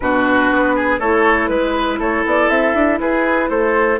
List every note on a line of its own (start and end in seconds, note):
0.00 0.51 B2
0.00 1.01 D4
0.00 0.75 F#4
0.00 0.98 B4
0.51 0.99 B3
0.75 0.99 G#4
0.99 1.49 A3
0.99 3.99 E4
0.99 1.49 A4
0.99 1.47 C#5
1.47 1.99 G#3
1.47 1.97 B4
1.47 1.99 B4
1.99 2.24 A3
1.99 2.99 A4
1.99 2.25 C#5
2.25 2.49 B3
2.25 2.49 D5
2.49 2.74 C4
2.49 2.99 E5
2.74 2.99 D4
3.00 3.49 E4
3.00 3.49 G#4
3.00 3.49 B4
3.49 3.99 A3
3.49 3.99 A4
3.49 3.99 C5